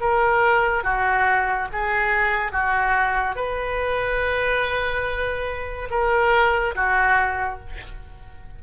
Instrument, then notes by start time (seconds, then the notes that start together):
oboe
0.00 A#4
0.83 F#4
1.72 G#4
2.52 F#4
3.35 B4
5.90 A#4
6.75 F#4